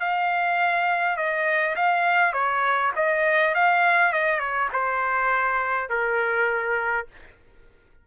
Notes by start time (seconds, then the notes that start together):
0.00 F5
1.17 D#5
1.76 F5
2.33 C#5
2.96 D#5
3.55 F5
4.13 D#5
4.40 C#5
4.73 C5
5.90 A#4